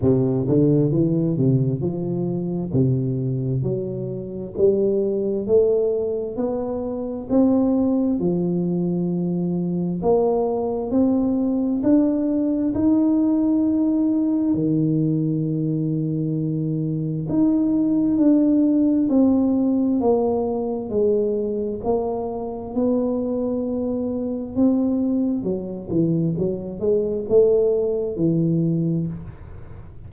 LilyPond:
\new Staff \with { instrumentName = "tuba" } { \time 4/4 \tempo 4 = 66 c8 d8 e8 c8 f4 c4 | fis4 g4 a4 b4 | c'4 f2 ais4 | c'4 d'4 dis'2 |
dis2. dis'4 | d'4 c'4 ais4 gis4 | ais4 b2 c'4 | fis8 e8 fis8 gis8 a4 e4 | }